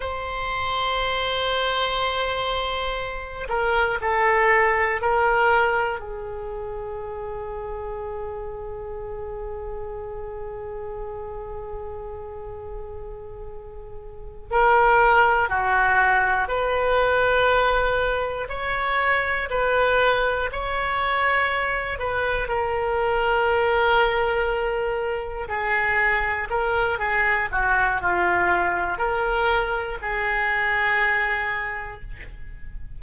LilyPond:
\new Staff \with { instrumentName = "oboe" } { \time 4/4 \tempo 4 = 60 c''2.~ c''8 ais'8 | a'4 ais'4 gis'2~ | gis'1~ | gis'2~ gis'8 ais'4 fis'8~ |
fis'8 b'2 cis''4 b'8~ | b'8 cis''4. b'8 ais'4.~ | ais'4. gis'4 ais'8 gis'8 fis'8 | f'4 ais'4 gis'2 | }